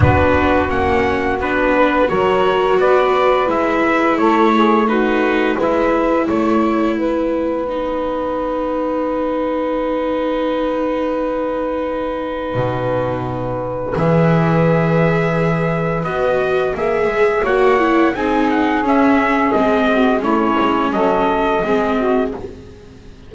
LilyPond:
<<
  \new Staff \with { instrumentName = "trumpet" } { \time 4/4 \tempo 4 = 86 b'4 fis''4 b'4 cis''4 | d''4 e''4 cis''4 b'4 | e''4 fis''2.~ | fis''1~ |
fis''1 | e''2. dis''4 | e''4 fis''4 gis''8 fis''8 e''4 | dis''4 cis''4 dis''2 | }
  \new Staff \with { instrumentName = "saxophone" } { \time 4/4 fis'2~ fis'8 b'8 ais'4 | b'2 a'8 gis'8 fis'4 | b'4 cis''4 b'2~ | b'1~ |
b'1~ | b'1~ | b'4 cis''4 gis'2~ | gis'8 fis'8 e'4 a'4 gis'8 fis'8 | }
  \new Staff \with { instrumentName = "viola" } { \time 4/4 d'4 cis'4 d'4 fis'4~ | fis'4 e'2 dis'4 | e'2. dis'4~ | dis'1~ |
dis'1 | gis'2. fis'4 | gis'4 fis'8 e'8 dis'4 cis'4 | c'4 cis'2 c'4 | }
  \new Staff \with { instrumentName = "double bass" } { \time 4/4 b4 ais4 b4 fis4 | b4 gis4 a2 | gis4 a4 b2~ | b1~ |
b2 b,2 | e2. b4 | ais8 gis8 ais4 c'4 cis'4 | gis4 a8 gis8 fis4 gis4 | }
>>